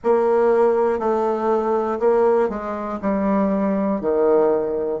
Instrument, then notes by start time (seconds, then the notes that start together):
bassoon
0.03 A#3
0.99 A3
1.99 A#3
2.49 G#3
3.01 G3
4.00 D#3